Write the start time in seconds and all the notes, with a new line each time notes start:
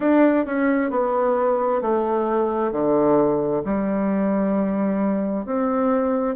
0.00 D4
0.45 C#4
0.90 B3
1.81 A3
2.71 D3
3.64 G3
5.45 C4